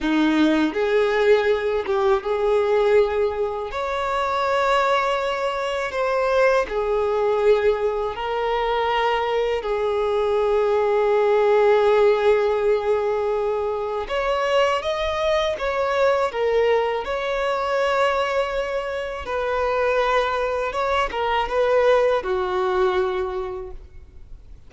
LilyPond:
\new Staff \with { instrumentName = "violin" } { \time 4/4 \tempo 4 = 81 dis'4 gis'4. g'8 gis'4~ | gis'4 cis''2. | c''4 gis'2 ais'4~ | ais'4 gis'2.~ |
gis'2. cis''4 | dis''4 cis''4 ais'4 cis''4~ | cis''2 b'2 | cis''8 ais'8 b'4 fis'2 | }